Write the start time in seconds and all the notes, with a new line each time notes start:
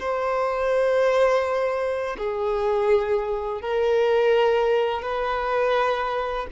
0.00 C5
2.19 G#4
3.62 A#4
5.02 B4